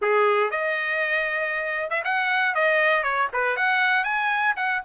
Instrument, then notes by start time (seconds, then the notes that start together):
trumpet
0.01 G#4
0.50 D#5
1.90 E5
2.04 F#5
2.54 D#5
3.03 C#5
3.33 B4
3.56 F#5
4.04 G#5
4.56 F#5